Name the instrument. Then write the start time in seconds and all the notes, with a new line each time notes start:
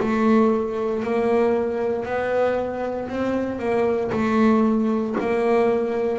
double bass
0.00 A3
1.03 A#3
2.05 B3
3.08 C4
3.59 A#3
4.12 A3
5.20 A#3